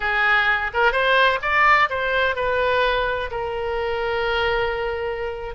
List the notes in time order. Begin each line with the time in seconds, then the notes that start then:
0.00 G#4
0.73 A#4
0.92 C5
1.42 D5
1.89 C5
2.35 B4
3.30 A#4